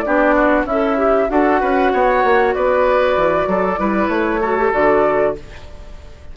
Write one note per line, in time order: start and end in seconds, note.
0.00 0.67 D4
0.00 0.35 G4
0.00 0.62 D5
0.06 0.65 B3
0.35 0.66 F#4
0.65 1.28 C#4
0.65 1.28 E4
0.65 0.97 A4
0.65 1.30 E5
0.97 1.28 G4
1.28 1.61 D4
1.28 3.78 F#4
1.28 1.61 A4
1.28 2.54 F#5
1.61 1.93 C#4
1.61 1.92 B4
1.93 2.24 B3
1.93 2.55 C#5
2.24 2.55 A#3
2.54 3.17 B3
2.54 3.49 B4
2.54 4.08 D5
3.17 3.47 E3
3.47 3.78 F#3
3.47 3.80 A4
3.78 4.08 G3
3.78 4.40 E4
3.78 4.41 B4
4.08 4.71 A3
4.08 4.71 C#5
4.41 4.58 F#4
4.41 5.35 A4
4.58 4.72 G4
4.72 5.37 D3
4.72 5.35 F#4
4.72 5.36 D5